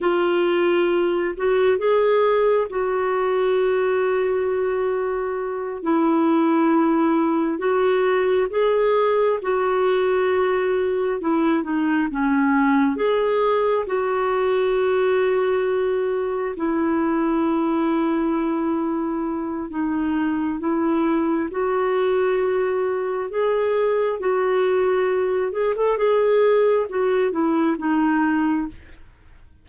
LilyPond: \new Staff \with { instrumentName = "clarinet" } { \time 4/4 \tempo 4 = 67 f'4. fis'8 gis'4 fis'4~ | fis'2~ fis'8 e'4.~ | e'8 fis'4 gis'4 fis'4.~ | fis'8 e'8 dis'8 cis'4 gis'4 fis'8~ |
fis'2~ fis'8 e'4.~ | e'2 dis'4 e'4 | fis'2 gis'4 fis'4~ | fis'8 gis'16 a'16 gis'4 fis'8 e'8 dis'4 | }